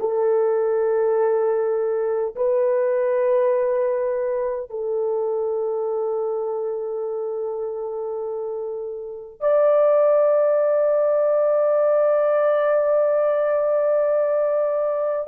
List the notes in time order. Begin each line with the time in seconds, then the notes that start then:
0.00 A4
2.35 B4
4.70 A4
9.40 D5